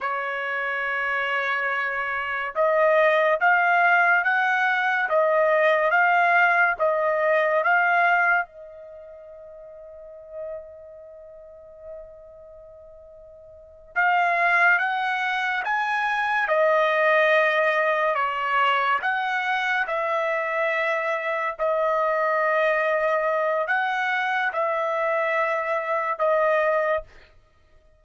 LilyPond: \new Staff \with { instrumentName = "trumpet" } { \time 4/4 \tempo 4 = 71 cis''2. dis''4 | f''4 fis''4 dis''4 f''4 | dis''4 f''4 dis''2~ | dis''1~ |
dis''8 f''4 fis''4 gis''4 dis''8~ | dis''4. cis''4 fis''4 e''8~ | e''4. dis''2~ dis''8 | fis''4 e''2 dis''4 | }